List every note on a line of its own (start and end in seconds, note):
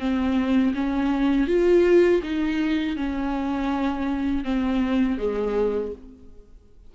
0.00 0.74 C4
0.75 1.48 C#4
1.48 2.22 F4
2.23 2.97 D#4
2.97 4.44 C#4
4.44 5.19 C4
5.19 5.93 G#3